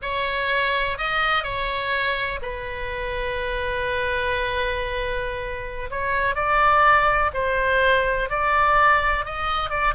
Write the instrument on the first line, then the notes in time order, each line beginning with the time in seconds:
oboe
0.02 C#5
0.98 D#5
1.43 C#5
2.42 B4
5.90 C#5
6.35 D5
7.33 C5
8.29 D5
9.25 D#5
9.70 D5